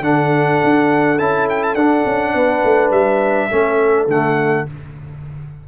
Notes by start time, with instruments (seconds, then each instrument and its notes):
0.00 tuba D3, trombone D4, horn A4, trumpet F#5
0.64 tuba D4
1.18 tuba C#4, trombone E4, trumpet A5
1.49 trumpet G5
1.63 trumpet A5
1.75 tuba D4, trombone D4, trumpet F#5
2.05 tuba C#4
2.34 tuba B3, horn B4
2.64 tuba A3
2.90 tuba G3, trumpet E5
3.50 tuba A3, trombone C#4, horn A4
4.07 tuba D3, trombone A3, trumpet F#5